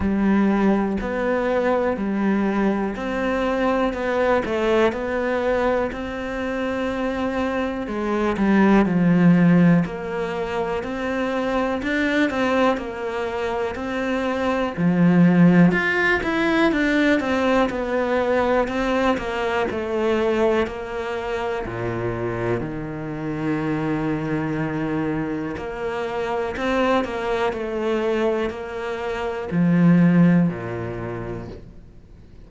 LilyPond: \new Staff \with { instrumentName = "cello" } { \time 4/4 \tempo 4 = 61 g4 b4 g4 c'4 | b8 a8 b4 c'2 | gis8 g8 f4 ais4 c'4 | d'8 c'8 ais4 c'4 f4 |
f'8 e'8 d'8 c'8 b4 c'8 ais8 | a4 ais4 ais,4 dis4~ | dis2 ais4 c'8 ais8 | a4 ais4 f4 ais,4 | }